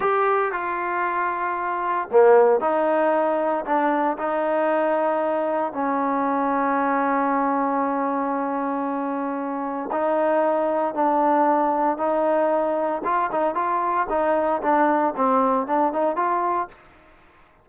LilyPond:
\new Staff \with { instrumentName = "trombone" } { \time 4/4 \tempo 4 = 115 g'4 f'2. | ais4 dis'2 d'4 | dis'2. cis'4~ | cis'1~ |
cis'2. dis'4~ | dis'4 d'2 dis'4~ | dis'4 f'8 dis'8 f'4 dis'4 | d'4 c'4 d'8 dis'8 f'4 | }